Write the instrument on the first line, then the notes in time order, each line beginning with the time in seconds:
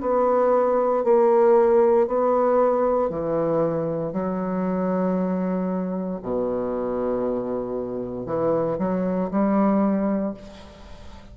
bassoon
0.00 B3
1.03 A#3
2.07 B3
3.09 E3
4.13 F#3
6.22 B2
8.26 E3
8.78 F#3
9.31 G3